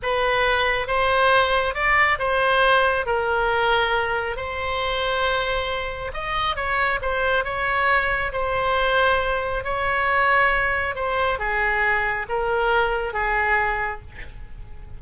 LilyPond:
\new Staff \with { instrumentName = "oboe" } { \time 4/4 \tempo 4 = 137 b'2 c''2 | d''4 c''2 ais'4~ | ais'2 c''2~ | c''2 dis''4 cis''4 |
c''4 cis''2 c''4~ | c''2 cis''2~ | cis''4 c''4 gis'2 | ais'2 gis'2 | }